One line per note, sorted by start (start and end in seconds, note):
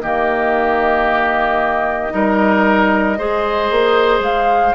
0.00 2.13 D#3
0.00 2.10 A#3
0.00 2.13 G4
0.00 4.21 D#5
2.10 3.19 G3
2.10 3.16 D#4
2.10 3.18 A#4
3.18 3.70 G#3
3.18 4.74 G#4
3.18 4.74 C5
3.70 4.20 A#3
4.20 4.72 G#3
4.20 4.74 F5